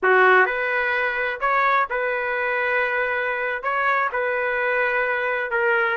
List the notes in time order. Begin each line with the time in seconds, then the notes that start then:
0.02 F#4
0.46 B4
1.40 C#5
1.89 B4
3.62 C#5
4.12 B4
5.51 A#4